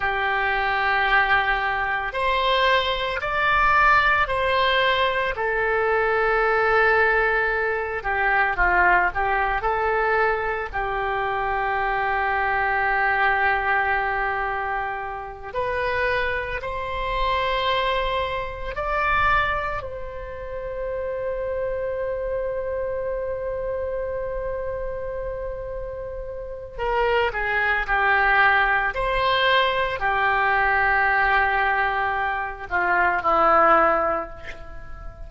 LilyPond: \new Staff \with { instrumentName = "oboe" } { \time 4/4 \tempo 4 = 56 g'2 c''4 d''4 | c''4 a'2~ a'8 g'8 | f'8 g'8 a'4 g'2~ | g'2~ g'8 b'4 c''8~ |
c''4. d''4 c''4.~ | c''1~ | c''4 ais'8 gis'8 g'4 c''4 | g'2~ g'8 f'8 e'4 | }